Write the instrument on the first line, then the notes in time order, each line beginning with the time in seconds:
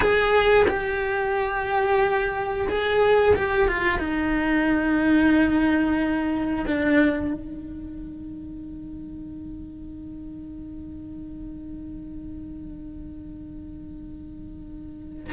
cello
0.00 G#4
0.67 G4
2.68 G#4
3.35 G4
3.68 F4
3.98 D#4
6.66 D4
7.33 D#4